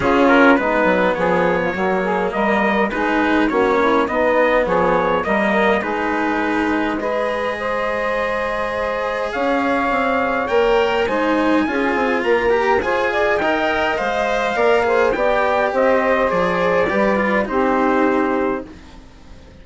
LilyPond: <<
  \new Staff \with { instrumentName = "trumpet" } { \time 4/4 \tempo 4 = 103 gis'8 ais'8 b'4 cis''2 | dis''4 b'4 cis''4 dis''4 | cis''4 dis''4 b'2 | dis''1 |
f''2 g''4 gis''4~ | gis''4 ais''4 gis''4 g''4 | f''2 g''4 dis''4 | d''2 c''2 | }
  \new Staff \with { instrumentName = "saxophone" } { \time 4/4 f'4 dis'4 gis'8. f'16 fis'8 gis'8 | ais'4 gis'4 fis'8 e'8 dis'4 | gis'4 ais'4 gis'2 | b'4 c''2. |
cis''2. c''4 | gis'4 ais'4 c''8 d''8 dis''4~ | dis''4 d''8 c''8 d''4 c''4~ | c''4 b'4 g'2 | }
  \new Staff \with { instrumentName = "cello" } { \time 4/4 cis'4 b2 ais4~ | ais4 dis'4 cis'4 b4~ | b4 ais4 dis'2 | gis'1~ |
gis'2 ais'4 dis'4 | f'4. g'8 gis'4 ais'4 | c''4 ais'8 gis'8 g'2 | gis'4 g'8 f'8 dis'2 | }
  \new Staff \with { instrumentName = "bassoon" } { \time 4/4 cis4 gis8 fis8 f4 fis4 | g4 gis4 ais4 b4 | f4 g4 gis2~ | gis1 |
cis'4 c'4 ais4 gis4 | cis'8 c'8 ais4 f'4 dis'4 | gis4 ais4 b4 c'4 | f4 g4 c'2 | }
>>